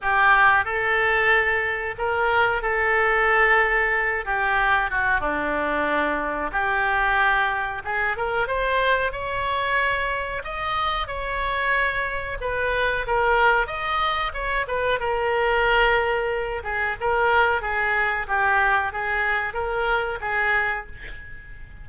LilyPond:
\new Staff \with { instrumentName = "oboe" } { \time 4/4 \tempo 4 = 92 g'4 a'2 ais'4 | a'2~ a'8 g'4 fis'8 | d'2 g'2 | gis'8 ais'8 c''4 cis''2 |
dis''4 cis''2 b'4 | ais'4 dis''4 cis''8 b'8 ais'4~ | ais'4. gis'8 ais'4 gis'4 | g'4 gis'4 ais'4 gis'4 | }